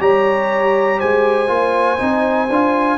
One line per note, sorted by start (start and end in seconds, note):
0.00 1.00 G3
0.00 1.48 G4
0.00 0.99 C#5
0.00 1.00 A#5
0.99 1.49 G#3
0.99 2.98 C5
0.99 2.98 G#5
1.48 1.99 A#3
1.48 1.97 F4
1.98 2.50 C4
1.98 2.48 D#4
2.50 2.98 D4
2.50 2.98 F4